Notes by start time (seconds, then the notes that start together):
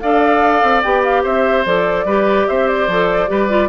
0.00 D4 A4 D5 F5
0.62 C4
0.82 B3 G4 G5
1.03 F5
1.23 C4 C5 E5
1.65 F3 A4 D5
2.05 G3 G4 B4
2.48 C4 C5 E5
2.67 D5
2.87 F3 A4
3.28 G3 G4 B4
3.49 F4